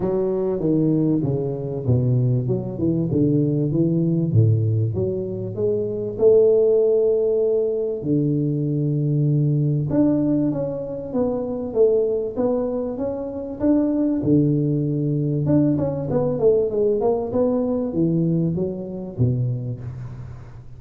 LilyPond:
\new Staff \with { instrumentName = "tuba" } { \time 4/4 \tempo 4 = 97 fis4 dis4 cis4 b,4 | fis8 e8 d4 e4 a,4 | fis4 gis4 a2~ | a4 d2. |
d'4 cis'4 b4 a4 | b4 cis'4 d'4 d4~ | d4 d'8 cis'8 b8 a8 gis8 ais8 | b4 e4 fis4 b,4 | }